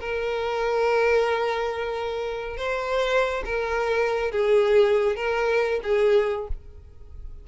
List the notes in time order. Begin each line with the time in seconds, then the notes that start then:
0.00 A#4
2.57 C5
3.45 A#4
4.31 G#4
5.16 A#4
5.83 G#4